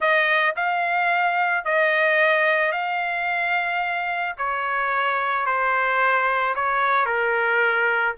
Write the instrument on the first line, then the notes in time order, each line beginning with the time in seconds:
trumpet
0.00 D#5
0.56 F5
1.64 D#5
2.72 F5
4.37 C#5
5.45 C5
6.55 C#5
7.05 A#4